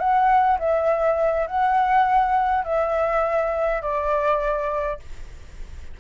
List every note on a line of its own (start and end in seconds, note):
0.00 0.59 F#5
0.60 1.47 E5
1.47 2.65 F#5
2.65 3.82 E5
3.82 5.00 D5